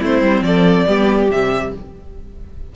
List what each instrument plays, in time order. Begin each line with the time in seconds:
0.00 cello A3, viola C4, violin E4 C5
0.22 cello G3
0.41 cello F3, violin A4 D5
0.87 cello G3, viola B3, violin G4
1.30 cello C3, viola G3, violin E5